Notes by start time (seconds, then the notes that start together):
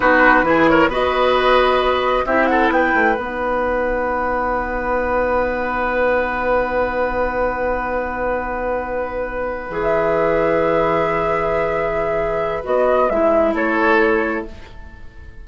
0.00 B3 D#4 F#4 B4
0.42 E3 E4 G#4
0.68 A#4 C#5
0.87 B3 F#4 B4
0.93 D#5
2.26 C4 E4 G4 E5
2.46 A4 F#5
2.69 B3 B4 G5
2.94 A3
3.15 B3 D#4 F#5
9.69 E3 G#4
9.82 E5
12.63 B3 F#4 D#5
13.09 G#3 E4 E5
13.53 A3 A4 C#5